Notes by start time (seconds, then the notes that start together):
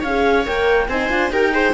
0.00 C#4 C#5 F5
0.07 G#4
0.45 A#3 A#4 G5
0.88 C4 D#4 C5 G#5
1.09 D4 F4
1.30 D#4 G4 A#4 G5
1.52 G#4 C5